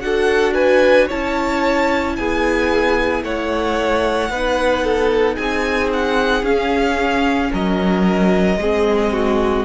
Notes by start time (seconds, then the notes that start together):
0.00 D4 F#4 A4 F#5
0.54 B4 G#5
1.08 C#4 E4 C#5 A5
2.16 B3 G#4 G#5
3.24 A3 C#5 F#5
4.30 B3 D#4 B4
4.84 A4
5.36 C4 G#4 G#5
5.93 F#5
6.43 C#4 F5
7.52 F#3 A#4 D#5
8.57 G#3 C4 G#4
9.13 F#4